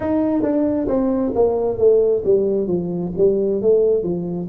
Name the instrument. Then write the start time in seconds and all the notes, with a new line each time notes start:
tuba
0.00 D#4
0.42 D4
0.87 C4
1.34 A#3
1.78 A3
2.24 G3
2.67 F3
3.17 G3
3.61 A3
4.03 F3